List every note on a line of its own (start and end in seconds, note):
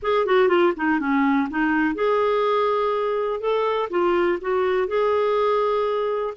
0.02 0.26 G#4
0.26 0.48 F#4
0.48 0.73 F4
0.76 0.99 D#4
0.99 1.48 C#4
1.49 1.94 D#4
1.94 3.40 G#4
3.40 3.89 A4
3.90 4.38 F4
4.41 4.87 F#4
4.87 6.34 G#4